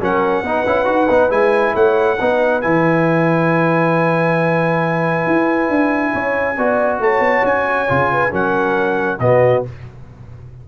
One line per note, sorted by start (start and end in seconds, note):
0.00 0.42 F#3
0.00 0.45 C#4
0.00 0.44 A#4
0.00 1.31 F#5
0.42 0.64 B3
0.42 0.66 D#4
0.42 1.75 B4
0.66 0.86 C#4
0.66 0.85 E4
0.85 1.08 D#4
0.85 1.07 F#4
1.09 1.30 B3
1.09 1.30 D#4
1.30 1.74 G#3
1.30 2.17 E4
1.30 1.75 G#5
1.75 2.19 A3
1.75 2.18 C#5
1.75 2.61 F#5
2.20 2.64 B3
2.20 2.62 D#4
2.20 6.13 B4
2.61 5.27 E3
2.61 6.56 E4
2.61 6.99 G#5
5.27 5.69 E4
5.69 6.13 D4
6.13 6.58 C#4
6.13 6.56 C#5
6.57 7.00 B3
6.57 7.88 F#4
6.57 7.01 D5
7.00 7.20 A3
7.00 8.12 C#5
7.00 7.46 A5
7.20 7.42 B3
7.44 7.87 C#4
7.44 8.33 G#5
7.88 8.33 C#3
7.88 8.30 F4
8.12 8.31 B4
8.30 9.19 F#3
8.30 9.18 C#4
8.30 9.19 A#4
8.30 9.20 F#5
9.19 9.63 B2
9.19 9.65 B3
9.19 9.68 F#4
9.19 9.63 D#5